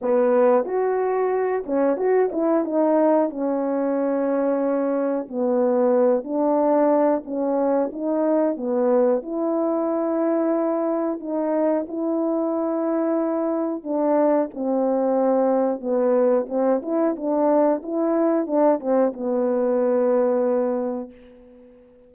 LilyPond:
\new Staff \with { instrumentName = "horn" } { \time 4/4 \tempo 4 = 91 b4 fis'4. cis'8 fis'8 e'8 | dis'4 cis'2. | b4. d'4. cis'4 | dis'4 b4 e'2~ |
e'4 dis'4 e'2~ | e'4 d'4 c'2 | b4 c'8 e'8 d'4 e'4 | d'8 c'8 b2. | }